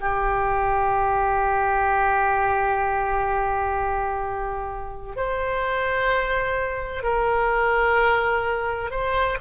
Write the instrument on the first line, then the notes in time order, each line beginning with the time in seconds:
oboe
0.00 G4
5.16 C5
7.03 A#4
8.90 C5